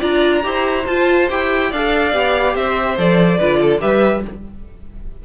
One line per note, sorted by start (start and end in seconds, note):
0.00 0.45 D4
0.00 0.43 F4
0.00 0.42 D5
0.00 0.87 A#5
0.43 0.87 E4
0.43 0.85 G4
0.43 1.70 C5
0.87 1.30 F4
0.87 1.29 A5
1.30 1.73 E4
1.30 1.72 G4
1.30 1.73 G5
1.70 2.13 D4
1.70 2.13 A4
1.70 2.55 D5
1.70 2.56 F5
2.13 2.55 B3
2.13 2.97 G4
2.55 2.98 C4
2.55 3.39 C5
2.55 2.99 E5
2.98 3.40 F3
2.98 3.40 A4
2.98 3.81 D5
3.39 3.83 D3
3.39 3.80 F4
3.39 3.60 B4
3.62 3.82 A4
3.80 4.25 G3
3.80 4.23 G4
3.80 4.24 B4
3.80 4.23 E5